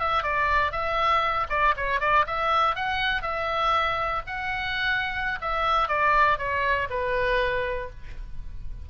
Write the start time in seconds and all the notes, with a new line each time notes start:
0.00 E5
0.23 D5
0.72 E5
1.50 D5
1.77 C#5
2.01 D5
2.27 E5
2.76 F#5
3.22 E5
4.27 F#5
5.41 E5
5.88 D5
6.39 C#5
6.90 B4